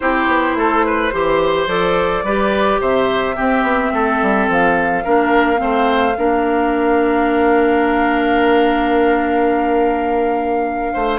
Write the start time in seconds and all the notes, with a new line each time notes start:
0.00 C4 E4 G4 C5
0.27 B3
0.55 A3 A4
0.85 B4
1.12 E3 G4 C5
1.67 F3 A4 D5
2.23 G3 G4 B4
2.80 C3 C5 E5
3.35 C4 G4
3.62 B3
3.93 A3 A4
4.21 G3
4.48 F3 F5
5.04 A#3 D4 A#4
5.56 A3 C4 C5
6.17 A#3 D4 A#4
10.93 A3 C5